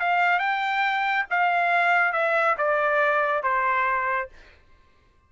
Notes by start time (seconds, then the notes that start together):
0.00 F5
0.39 G5
1.30 F5
2.13 E5
2.58 D5
3.43 C5